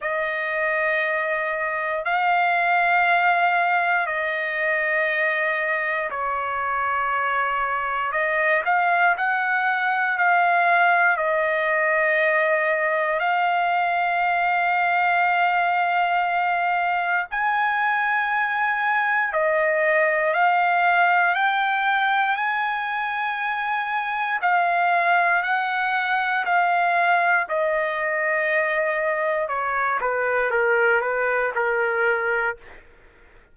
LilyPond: \new Staff \with { instrumentName = "trumpet" } { \time 4/4 \tempo 4 = 59 dis''2 f''2 | dis''2 cis''2 | dis''8 f''8 fis''4 f''4 dis''4~ | dis''4 f''2.~ |
f''4 gis''2 dis''4 | f''4 g''4 gis''2 | f''4 fis''4 f''4 dis''4~ | dis''4 cis''8 b'8 ais'8 b'8 ais'4 | }